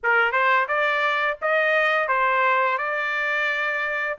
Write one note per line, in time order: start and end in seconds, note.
0.03 0.32 A#4
0.32 0.67 C5
0.68 1.38 D5
1.41 2.08 D#5
2.08 2.77 C5
2.78 4.17 D5